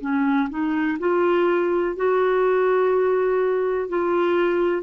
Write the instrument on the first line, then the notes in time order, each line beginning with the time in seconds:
clarinet
0.00 C#4
0.50 D#4
0.99 F4
1.96 F#4
3.88 F4